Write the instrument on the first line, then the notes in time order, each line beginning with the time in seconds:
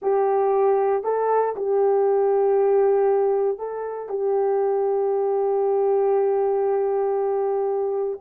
horn
0.02 G4
1.03 A4
1.55 G4
3.58 A4
4.09 G4